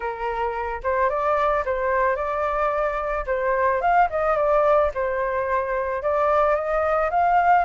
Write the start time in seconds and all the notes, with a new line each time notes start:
0.00 A#4
0.83 C5
1.09 D5
1.65 C5
2.16 D5
3.26 C5
3.81 F5
4.10 D#5
4.36 D5
4.94 C5
6.02 D5
6.55 D#5
7.10 F5